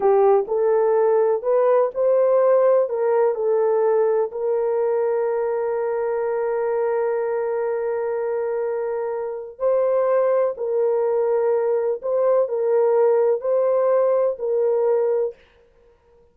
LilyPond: \new Staff \with { instrumentName = "horn" } { \time 4/4 \tempo 4 = 125 g'4 a'2 b'4 | c''2 ais'4 a'4~ | a'4 ais'2.~ | ais'1~ |
ais'1 | c''2 ais'2~ | ais'4 c''4 ais'2 | c''2 ais'2 | }